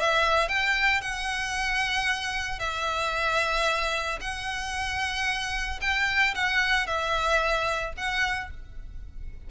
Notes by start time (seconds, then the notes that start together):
0.00 E5
0.48 G5
1.01 F#5
2.59 E5
4.20 F#5
5.81 G5
6.35 F#5
6.87 E5
7.97 F#5